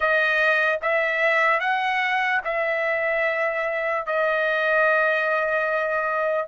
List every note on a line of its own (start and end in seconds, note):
0.00 0.79 D#5
0.81 1.60 E5
1.60 2.41 F#5
2.44 4.06 E5
4.06 6.48 D#5